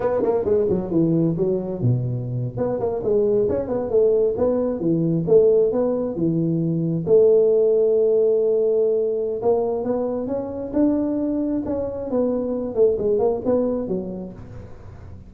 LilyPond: \new Staff \with { instrumentName = "tuba" } { \time 4/4 \tempo 4 = 134 b8 ais8 gis8 fis8 e4 fis4 | b,4.~ b,16 b8 ais8 gis4 cis'16~ | cis'16 b8 a4 b4 e4 a16~ | a8. b4 e2 a16~ |
a1~ | a4 ais4 b4 cis'4 | d'2 cis'4 b4~ | b8 a8 gis8 ais8 b4 fis4 | }